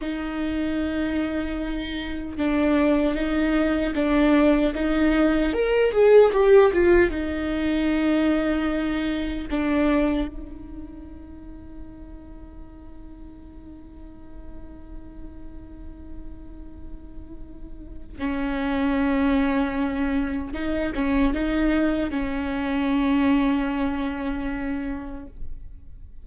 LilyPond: \new Staff \with { instrumentName = "viola" } { \time 4/4 \tempo 4 = 76 dis'2. d'4 | dis'4 d'4 dis'4 ais'8 gis'8 | g'8 f'8 dis'2. | d'4 dis'2.~ |
dis'1~ | dis'2. cis'4~ | cis'2 dis'8 cis'8 dis'4 | cis'1 | }